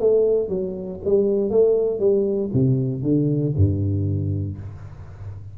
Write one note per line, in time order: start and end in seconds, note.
0.00 0.49 A3
0.49 1.00 F#3
1.05 1.51 G3
1.51 2.00 A3
2.00 2.51 G3
2.54 3.03 C3
3.03 3.54 D3
3.57 4.58 G2